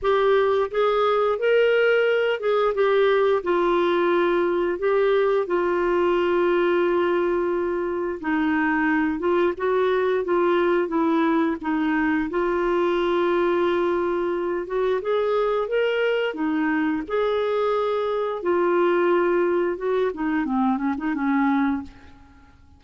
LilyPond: \new Staff \with { instrumentName = "clarinet" } { \time 4/4 \tempo 4 = 88 g'4 gis'4 ais'4. gis'8 | g'4 f'2 g'4 | f'1 | dis'4. f'8 fis'4 f'4 |
e'4 dis'4 f'2~ | f'4. fis'8 gis'4 ais'4 | dis'4 gis'2 f'4~ | f'4 fis'8 dis'8 c'8 cis'16 dis'16 cis'4 | }